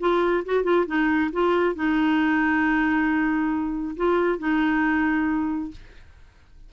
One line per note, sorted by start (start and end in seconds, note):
0.00 0.44 F4
0.45 0.64 F#4
0.64 0.86 F4
0.86 1.31 D#4
1.32 1.75 F4
1.75 3.96 D#4
3.96 4.39 F4
4.39 5.71 D#4